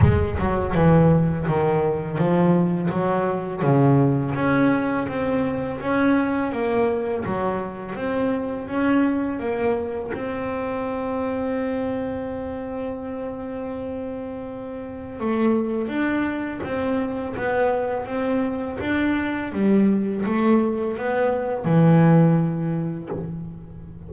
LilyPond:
\new Staff \with { instrumentName = "double bass" } { \time 4/4 \tempo 4 = 83 gis8 fis8 e4 dis4 f4 | fis4 cis4 cis'4 c'4 | cis'4 ais4 fis4 c'4 | cis'4 ais4 c'2~ |
c'1~ | c'4 a4 d'4 c'4 | b4 c'4 d'4 g4 | a4 b4 e2 | }